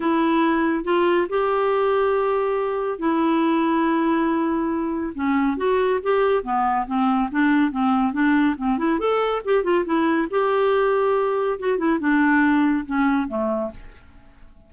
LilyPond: \new Staff \with { instrumentName = "clarinet" } { \time 4/4 \tempo 4 = 140 e'2 f'4 g'4~ | g'2. e'4~ | e'1 | cis'4 fis'4 g'4 b4 |
c'4 d'4 c'4 d'4 | c'8 e'8 a'4 g'8 f'8 e'4 | g'2. fis'8 e'8 | d'2 cis'4 a4 | }